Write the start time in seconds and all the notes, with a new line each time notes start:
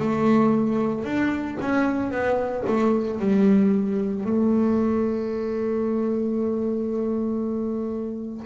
0.00 A3
1.05 D4
1.61 C#4
2.11 B3
2.67 A3
3.20 G3
4.25 A3